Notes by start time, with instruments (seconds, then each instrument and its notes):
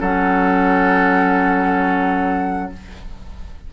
0.00 bassoon F#3, clarinet C#4, oboe A4, flute F#5